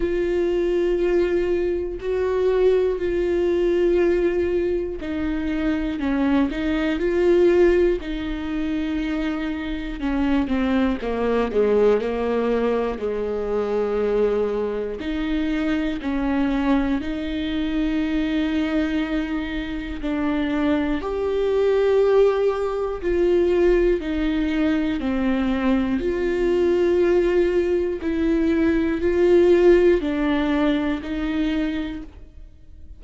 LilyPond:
\new Staff \with { instrumentName = "viola" } { \time 4/4 \tempo 4 = 60 f'2 fis'4 f'4~ | f'4 dis'4 cis'8 dis'8 f'4 | dis'2 cis'8 c'8 ais8 gis8 | ais4 gis2 dis'4 |
cis'4 dis'2. | d'4 g'2 f'4 | dis'4 c'4 f'2 | e'4 f'4 d'4 dis'4 | }